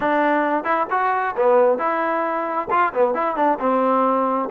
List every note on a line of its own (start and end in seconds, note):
0.00 0.64 D4
0.64 0.86 E4
0.90 1.35 F#4
1.36 1.78 B3
1.78 2.67 E4
2.70 2.92 F4
2.93 3.14 B3
3.14 3.36 E4
3.36 3.58 D4
3.59 4.49 C4